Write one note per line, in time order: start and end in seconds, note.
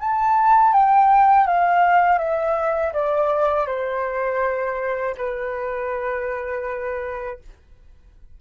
0.00 0.73 A5
0.73 1.47 G5
1.47 2.19 F5
2.19 2.93 E5
2.93 3.67 D5
3.67 5.15 C5
5.17 7.39 B4